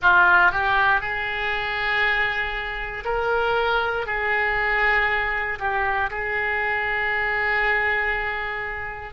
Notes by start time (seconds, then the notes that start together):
0.01 F4
0.51 G4
1.00 G#4
3.05 A#4
4.06 G#4
5.59 G4
6.10 G#4